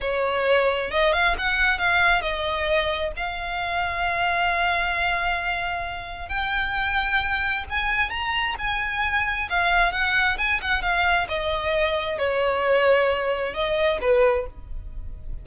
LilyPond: \new Staff \with { instrumentName = "violin" } { \time 4/4 \tempo 4 = 133 cis''2 dis''8 f''8 fis''4 | f''4 dis''2 f''4~ | f''1~ | f''2 g''2~ |
g''4 gis''4 ais''4 gis''4~ | gis''4 f''4 fis''4 gis''8 fis''8 | f''4 dis''2 cis''4~ | cis''2 dis''4 b'4 | }